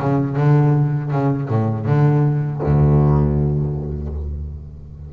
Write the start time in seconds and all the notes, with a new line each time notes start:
0.00 C#3
0.36 D3
1.11 C#3
1.49 A2
1.86 D3
2.63 D2